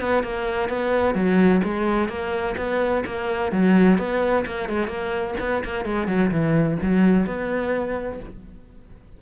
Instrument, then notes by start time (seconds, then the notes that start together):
cello
0.00 B3
0.23 A#3
0.69 B3
1.14 F#3
1.63 G#3
2.08 A#3
2.57 B3
3.05 A#3
3.52 F#3
3.98 B3
4.46 A#3
4.69 G#3
4.87 A#3
5.40 B3
5.64 A#3
5.85 G#3
6.07 F#3
6.31 E3
6.82 F#3
7.26 B3